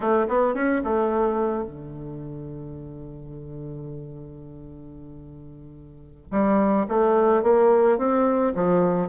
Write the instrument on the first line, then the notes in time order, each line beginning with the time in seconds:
bassoon
0.00 A3
0.28 B3
0.54 C#4
0.84 A3
1.63 D3
6.31 G3
6.88 A3
7.43 A#3
7.98 C4
8.54 F3